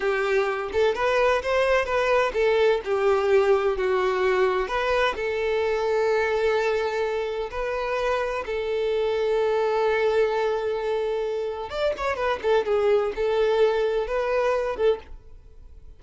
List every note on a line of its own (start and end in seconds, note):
0.00 0.69 G4
0.72 0.95 A4
0.95 1.41 B4
1.42 1.85 C5
1.85 2.32 B4
2.33 2.80 A4
2.84 3.77 G4
3.77 4.67 F#4
4.67 5.14 B4
5.15 7.50 A4
7.50 8.44 B4
8.45 11.69 A4
11.69 11.93 D5
11.97 12.16 C#5
12.16 12.39 B4
12.42 12.65 A4
12.65 13.12 G#4
13.15 14.07 A4
14.07 14.76 B4
14.76 14.99 A4